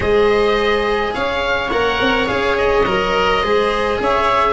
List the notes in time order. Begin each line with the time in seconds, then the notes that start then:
0.00 G#3 G#4 C5 D#5
1.13 C#4 C#5 F5
1.70 A#3 A#4 F#5
2.00 C4
2.26 C#4 G#4 F5
2.58 D#5
2.86 F#3 A#4
3.42 G#3 G#4 C5
3.99 C#4 C#5 E5